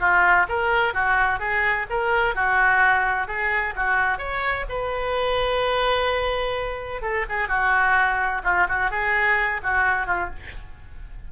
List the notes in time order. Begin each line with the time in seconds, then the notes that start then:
0.00 F4
0.49 A#4
0.94 F#4
1.40 G#4
1.90 A#4
2.35 F#4
3.28 G#4
3.76 F#4
4.18 C#5
4.69 B4
7.02 A4
7.29 G#4
7.48 F#4
8.44 F4
8.69 F#4
8.91 G#4
9.63 F#4
10.07 F4